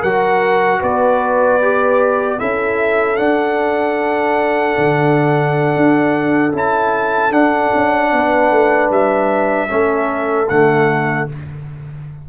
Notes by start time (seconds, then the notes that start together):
0.00 F#3 F#4 A#4 F#5
0.80 B3 B4 D5
1.61 G4
2.38 C#4 E4 A4 E5
3.16 D4 F#5
4.78 D3
5.76 D4
6.53 C#4 E4 A5
7.31 D4 F#5
7.75 C#4
8.12 B3 B4
8.51 A3
8.90 G3 E5
9.68 A3 C#4 A4
10.49 D3 A3 F#5